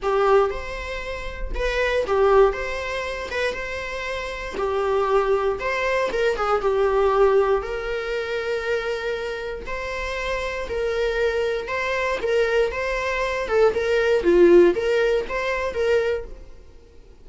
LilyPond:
\new Staff \with { instrumentName = "viola" } { \time 4/4 \tempo 4 = 118 g'4 c''2 b'4 | g'4 c''4. b'8 c''4~ | c''4 g'2 c''4 | ais'8 gis'8 g'2 ais'4~ |
ais'2. c''4~ | c''4 ais'2 c''4 | ais'4 c''4. a'8 ais'4 | f'4 ais'4 c''4 ais'4 | }